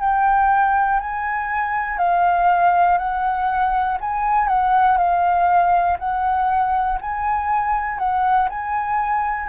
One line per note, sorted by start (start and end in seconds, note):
0.00 1.00 G5
1.00 1.98 G#5
1.98 2.98 F5
2.98 3.98 F#5
4.00 4.48 G#5
4.48 4.98 F#5
4.98 5.98 F5
5.99 6.99 F#5
7.01 7.99 G#5
7.99 8.49 F#5
8.50 9.49 G#5